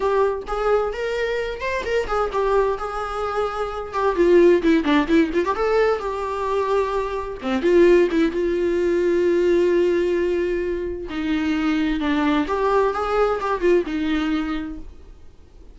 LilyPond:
\new Staff \with { instrumentName = "viola" } { \time 4/4 \tempo 4 = 130 g'4 gis'4 ais'4. c''8 | ais'8 gis'8 g'4 gis'2~ | gis'8 g'8 f'4 e'8 d'8 e'8 f'16 g'16 | a'4 g'2. |
c'8 f'4 e'8 f'2~ | f'1 | dis'2 d'4 g'4 | gis'4 g'8 f'8 dis'2 | }